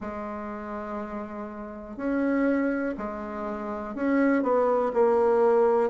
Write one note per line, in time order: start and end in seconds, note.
0.00 1.97 G#3
1.97 2.95 C#4
2.97 3.95 G#3
3.95 4.43 C#4
4.43 4.92 B3
4.93 5.90 A#3